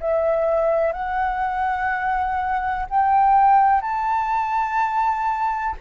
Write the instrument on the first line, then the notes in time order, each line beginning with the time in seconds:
flute
0.00 E5
0.93 F#5
2.89 G5
3.81 A5